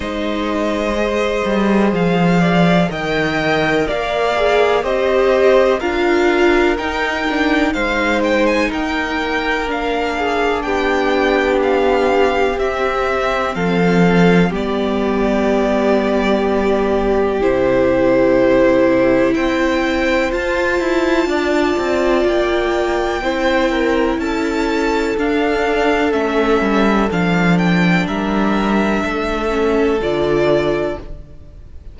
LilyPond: <<
  \new Staff \with { instrumentName = "violin" } { \time 4/4 \tempo 4 = 62 dis''2 f''4 g''4 | f''4 dis''4 f''4 g''4 | f''8 g''16 gis''16 g''4 f''4 g''4 | f''4 e''4 f''4 d''4~ |
d''2 c''2 | g''4 a''2 g''4~ | g''4 a''4 f''4 e''4 | f''8 g''8 e''2 d''4 | }
  \new Staff \with { instrumentName = "violin" } { \time 4/4 c''2~ c''8 d''8 dis''4 | d''4 c''4 ais'2 | c''4 ais'4. gis'8 g'4~ | g'2 a'4 g'4~ |
g'1 | c''2 d''2 | c''8 ais'8 a'2.~ | a'4 ais'4 a'2 | }
  \new Staff \with { instrumentName = "viola" } { \time 4/4 dis'4 gis'2 ais'4~ | ais'8 gis'8 g'4 f'4 dis'8 d'8 | dis'2 d'2~ | d'4 c'2 b4~ |
b2 e'2~ | e'4 f'2. | e'2 d'4 cis'4 | d'2~ d'8 cis'8 f'4 | }
  \new Staff \with { instrumentName = "cello" } { \time 4/4 gis4. g8 f4 dis4 | ais4 c'4 d'4 dis'4 | gis4 ais2 b4~ | b4 c'4 f4 g4~ |
g2 c2 | c'4 f'8 e'8 d'8 c'8 ais4 | c'4 cis'4 d'4 a8 g8 | f4 g4 a4 d4 | }
>>